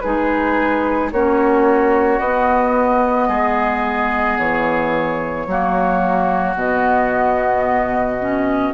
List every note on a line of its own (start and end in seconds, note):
0.00 1.12 G#3
0.00 1.12 D#4
0.00 1.12 G#4
0.00 1.09 B4
1.12 2.19 A#3
1.12 2.22 C#4
1.12 3.28 F#4
1.12 2.19 C#5
2.19 3.28 B3
2.19 5.48 B3
2.19 4.37 D#5
3.28 4.37 G#3
3.28 5.46 G#4
4.37 5.47 E3
4.37 6.56 C#5
5.47 6.55 F#3
5.47 6.55 A#3
5.47 8.73 F#4
6.55 8.73 B2
6.55 8.19 B3
6.55 8.73 D#5
8.19 8.73 C#4